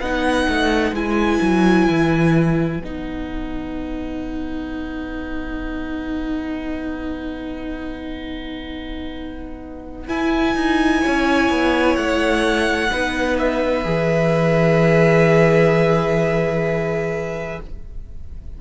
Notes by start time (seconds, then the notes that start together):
0.00 B3 D#4 B4 F#5
0.49 A3
0.92 G#3 E4 G#5
1.42 F#3
1.88 E3
2.79 B3 D#4 F#5
10.08 E4 G#5
10.55 D#4
11.02 C#4 C#5
11.51 B3
11.96 A3 F#5
12.91 B3 D#4 B4
13.38 E5
13.84 E3 G#4